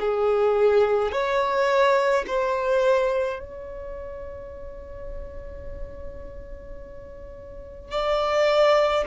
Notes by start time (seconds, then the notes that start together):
0.00 G#4
1.12 C#5
2.27 C5
3.39 C#5
7.91 D5